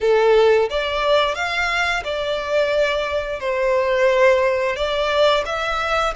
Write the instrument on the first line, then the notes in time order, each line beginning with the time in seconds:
violin
0.00 A4
0.69 D5
1.35 F5
2.04 D5
3.39 C5
4.75 D5
5.45 E5